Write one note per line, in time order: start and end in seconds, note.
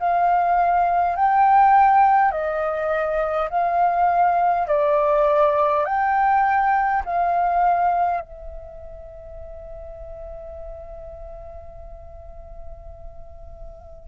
0.00 1.16 F5
1.16 2.32 G5
2.32 3.49 D#5
3.50 4.67 F5
4.67 5.85 D5
5.85 7.03 G5
7.05 8.21 F5
8.21 14.09 E5